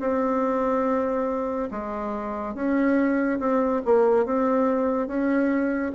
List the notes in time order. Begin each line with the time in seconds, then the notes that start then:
0.00 C4
1.71 G#3
2.55 C#4
3.40 C4
3.85 A#3
4.25 C4
5.07 C#4